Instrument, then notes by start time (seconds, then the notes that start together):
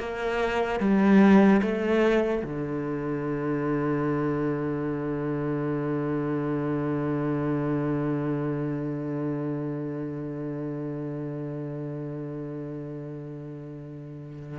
cello
0.00 A#3
0.80 G3
1.62 A3
2.44 D3